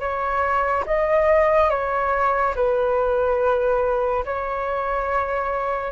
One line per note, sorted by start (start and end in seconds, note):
0.00 0.85 C#5
0.86 1.70 D#5
1.70 2.55 C#5
2.55 4.24 B4
4.25 5.92 C#5